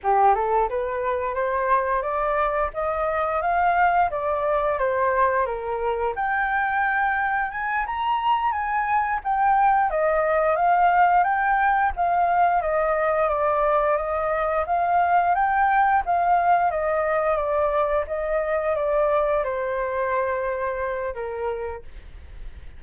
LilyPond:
\new Staff \with { instrumentName = "flute" } { \time 4/4 \tempo 4 = 88 g'8 a'8 b'4 c''4 d''4 | dis''4 f''4 d''4 c''4 | ais'4 g''2 gis''8 ais''8~ | ais''8 gis''4 g''4 dis''4 f''8~ |
f''8 g''4 f''4 dis''4 d''8~ | d''8 dis''4 f''4 g''4 f''8~ | f''8 dis''4 d''4 dis''4 d''8~ | d''8 c''2~ c''8 ais'4 | }